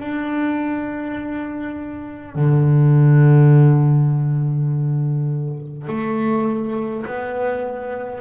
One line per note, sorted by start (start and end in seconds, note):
0.00 2.35 D4
2.35 5.88 D3
5.88 7.06 A3
7.06 8.21 B3